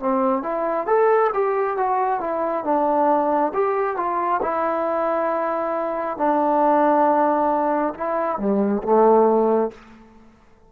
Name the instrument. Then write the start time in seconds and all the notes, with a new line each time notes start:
trombone
0.00 C4
0.43 E4
0.87 A4
1.34 G4
1.77 F#4
2.20 E4
2.64 D4
3.54 G4
3.97 F4
4.42 E4
6.18 D4
7.95 E4
8.38 G3
8.83 A3